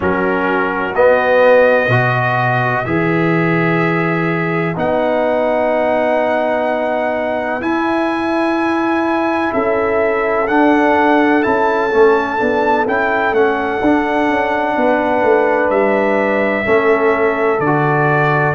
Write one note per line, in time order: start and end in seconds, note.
0.00 0.94 F#3
0.00 0.93 C#4
0.00 1.88 F#4
0.00 0.95 A#4
0.94 1.88 B3
0.94 1.90 B3
0.94 2.85 D#5
1.88 2.83 B2
1.88 2.85 F#4
1.88 9.50 B4
2.85 4.76 E3
2.85 4.75 G#4
2.85 4.75 E5
4.75 7.61 B3
4.75 7.61 D#4
4.75 7.62 F#5
7.61 9.51 E4
7.61 10.47 E4
7.61 9.52 G#5
9.53 10.47 C#4
9.53 14.76 A4
9.53 10.47 E5
10.47 11.43 D4
10.47 11.42 D4
10.47 11.42 F#5
11.42 11.92 C#4
11.42 11.90 E4
11.42 12.85 A5
11.90 12.40 A3
11.90 12.37 C#4
12.37 12.87 B3
12.37 12.85 D4
12.87 13.32 C#4
12.87 13.34 E4
12.87 13.34 G5
13.32 13.79 A3
13.32 13.82 C#4
13.32 15.70 F#5
13.81 14.28 D4
13.81 16.64 D4
14.28 14.76 C#4
14.76 15.22 B3
14.76 16.66 B4
15.22 15.70 A3
15.70 16.65 G3
15.70 17.60 E5
16.64 17.59 A3
16.64 17.59 C#4
16.64 18.54 A4
17.59 18.54 D3
17.59 18.54 D5
17.66 18.54 F#4